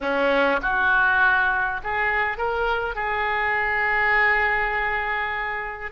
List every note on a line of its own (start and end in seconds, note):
0.00 0.60 C#4
0.62 1.81 F#4
1.83 2.37 G#4
2.37 2.95 A#4
2.95 5.91 G#4